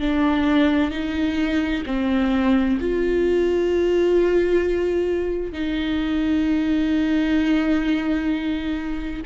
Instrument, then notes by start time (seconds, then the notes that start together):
viola
0.00 D4
0.91 D#4
1.86 C4
2.80 F4
5.52 D#4